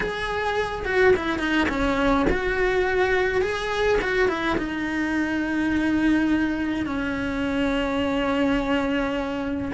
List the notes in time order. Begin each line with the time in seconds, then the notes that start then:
0.00 G#4
0.85 F#4
1.16 E4
1.39 D#4
1.69 C#4
2.30 F#4
3.41 G#4
4.01 F#4
4.28 E4
4.57 D#4
6.86 C#4